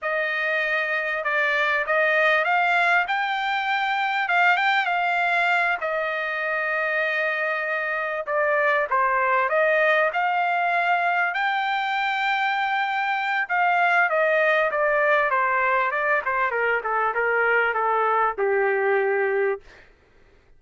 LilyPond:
\new Staff \with { instrumentName = "trumpet" } { \time 4/4 \tempo 4 = 98 dis''2 d''4 dis''4 | f''4 g''2 f''8 g''8 | f''4. dis''2~ dis''8~ | dis''4. d''4 c''4 dis''8~ |
dis''8 f''2 g''4.~ | g''2 f''4 dis''4 | d''4 c''4 d''8 c''8 ais'8 a'8 | ais'4 a'4 g'2 | }